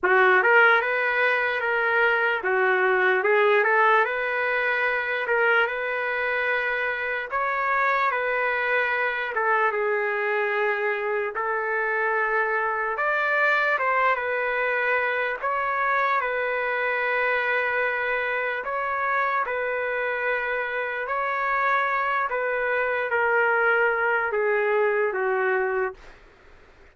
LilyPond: \new Staff \with { instrumentName = "trumpet" } { \time 4/4 \tempo 4 = 74 fis'8 ais'8 b'4 ais'4 fis'4 | gis'8 a'8 b'4. ais'8 b'4~ | b'4 cis''4 b'4. a'8 | gis'2 a'2 |
d''4 c''8 b'4. cis''4 | b'2. cis''4 | b'2 cis''4. b'8~ | b'8 ais'4. gis'4 fis'4 | }